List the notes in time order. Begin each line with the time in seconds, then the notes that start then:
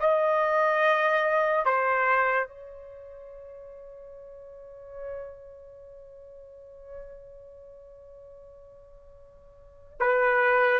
0.00 D#5
1.66 C5
2.48 C#5
10.00 B4